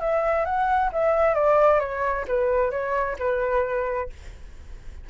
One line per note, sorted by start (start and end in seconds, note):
0.00 0.45 E5
0.45 0.90 F#5
0.92 1.34 E5
1.34 1.80 D5
1.80 2.25 C#5
2.28 2.71 B4
2.71 3.16 C#5
3.19 4.10 B4